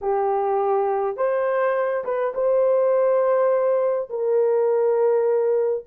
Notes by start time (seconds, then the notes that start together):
0.01 G4
1.16 C5
2.04 B4
2.34 C5
4.09 A#4